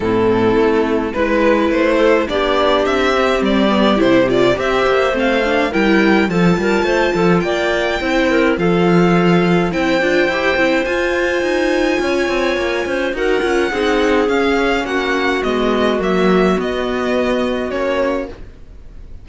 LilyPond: <<
  \new Staff \with { instrumentName = "violin" } { \time 4/4 \tempo 4 = 105 a'2 b'4 c''4 | d''4 e''4 d''4 c''8 d''8 | e''4 f''4 g''4 a''4~ | a''4 g''2 f''4~ |
f''4 g''2 gis''4~ | gis''2. fis''4~ | fis''4 f''4 fis''4 dis''4 | e''4 dis''2 cis''4 | }
  \new Staff \with { instrumentName = "clarinet" } { \time 4/4 e'2 b'4. a'8 | g'1 | c''2 ais'4 a'8 ais'8 | c''8 a'8 d''4 c''8 ais'8 a'4~ |
a'4 c''2.~ | c''4 cis''4. c''8 ais'4 | gis'2 fis'2~ | fis'1 | }
  \new Staff \with { instrumentName = "viola" } { \time 4/4 c'2 e'2 | d'4. c'4 b8 e'8 f'8 | g'4 c'8 d'8 e'4 f'4~ | f'2 e'4 f'4~ |
f'4 e'8 f'8 g'8 e'8 f'4~ | f'2. fis'8 f'8 | dis'4 cis'2 b4 | ais4 b2 cis'4 | }
  \new Staff \with { instrumentName = "cello" } { \time 4/4 a,4 a4 gis4 a4 | b4 c'4 g4 c4 | c'8 ais8 a4 g4 f8 g8 | a8 f8 ais4 c'4 f4~ |
f4 c'8 d'8 e'8 c'8 f'4 | dis'4 cis'8 c'8 ais8 cis'8 dis'8 cis'8 | c'4 cis'4 ais4 gis4 | fis4 b2 ais4 | }
>>